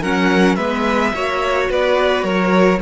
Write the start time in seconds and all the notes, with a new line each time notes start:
0.00 F#3 C#4 A#4 F#5
0.55 G#3 B3 B4 E5
1.14 A#3 F#4 C#5
1.70 B3 B4 D5
2.23 F#3 A#4 C#5